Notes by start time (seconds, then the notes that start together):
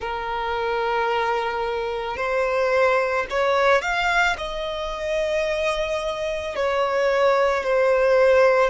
0.00 A#4
2.17 C5
3.30 C#5
3.81 F5
4.37 D#5
6.55 C#5
7.63 C5